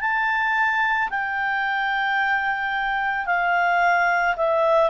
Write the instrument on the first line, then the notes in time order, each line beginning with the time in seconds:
clarinet
0.00 A5
1.10 G5
3.26 F5
4.36 E5